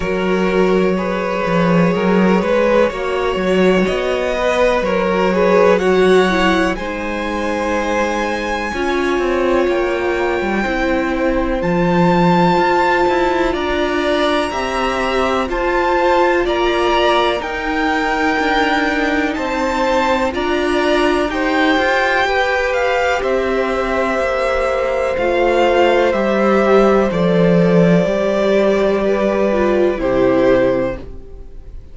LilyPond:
<<
  \new Staff \with { instrumentName = "violin" } { \time 4/4 \tempo 4 = 62 cis''1 | dis''4 cis''4 fis''4 gis''4~ | gis''2 g''2 | a''2 ais''2 |
a''4 ais''4 g''2 | a''4 ais''4 g''4. f''8 | e''2 f''4 e''4 | d''2. c''4 | }
  \new Staff \with { instrumentName = "violin" } { \time 4/4 ais'4 b'4 ais'8 b'8 cis''4~ | cis''8 b'8 ais'8 b'8 cis''4 c''4~ | c''4 cis''2 c''4~ | c''2 d''4 e''4 |
c''4 d''4 ais'2 | c''4 d''4 c''4 b'4 | c''1~ | c''2 b'4 g'4 | }
  \new Staff \with { instrumentName = "viola" } { \time 4/4 fis'4 gis'2 fis'4~ | fis'8 b'8. fis'16 gis'8 fis'8 e'8 dis'4~ | dis'4 f'2 e'4 | f'2. g'4 |
f'2 dis'2~ | dis'4 f'4 g'2~ | g'2 f'4 g'4 | a'4 g'4. f'8 e'4 | }
  \new Staff \with { instrumentName = "cello" } { \time 4/4 fis4. f8 fis8 gis8 ais8 fis8 | b4 fis2 gis4~ | gis4 cis'8 c'8 ais8. g16 c'4 | f4 f'8 e'8 d'4 c'4 |
f'4 ais4 dis'4 d'4 | c'4 d'4 dis'8 f'8 g'4 | c'4 ais4 a4 g4 | f4 g2 c4 | }
>>